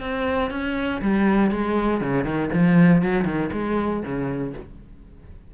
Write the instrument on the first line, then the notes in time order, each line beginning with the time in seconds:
cello
0.00 C4
0.50 C#4
1.01 G3
1.51 G#3
2.01 C#3
2.24 D#3
2.53 F3
3.02 F#3
3.25 D#3
3.52 G#3
4.03 C#3